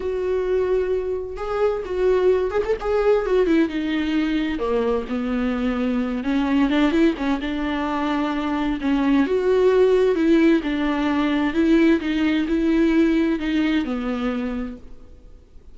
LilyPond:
\new Staff \with { instrumentName = "viola" } { \time 4/4 \tempo 4 = 130 fis'2. gis'4 | fis'4. gis'16 a'16 gis'4 fis'8 e'8 | dis'2 ais4 b4~ | b4. cis'4 d'8 e'8 cis'8 |
d'2. cis'4 | fis'2 e'4 d'4~ | d'4 e'4 dis'4 e'4~ | e'4 dis'4 b2 | }